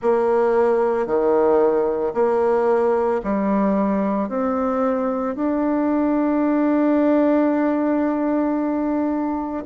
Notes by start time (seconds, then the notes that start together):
0.02 A#3
1.06 D#3
2.14 A#3
3.23 G3
4.29 C4
5.35 D4